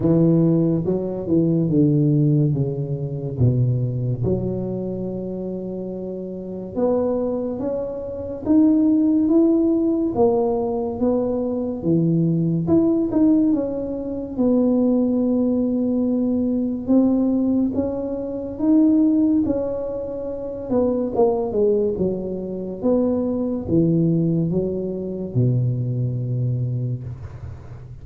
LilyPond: \new Staff \with { instrumentName = "tuba" } { \time 4/4 \tempo 4 = 71 e4 fis8 e8 d4 cis4 | b,4 fis2. | b4 cis'4 dis'4 e'4 | ais4 b4 e4 e'8 dis'8 |
cis'4 b2. | c'4 cis'4 dis'4 cis'4~ | cis'8 b8 ais8 gis8 fis4 b4 | e4 fis4 b,2 | }